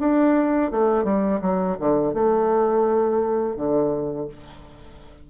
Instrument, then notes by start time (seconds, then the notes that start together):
bassoon
0.00 D4
0.72 A3
1.05 G3
1.42 F#3
1.80 D3
2.14 A3
3.57 D3